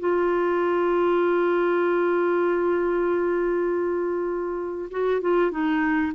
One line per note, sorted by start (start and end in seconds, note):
0.00 4.90 F4
4.91 5.22 F#4
5.22 5.52 F4
5.52 6.13 D#4